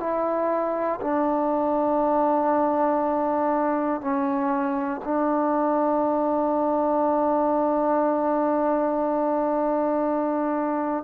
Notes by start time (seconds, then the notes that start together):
0.00 E4
1.01 D4
4.01 C#4
5.04 D4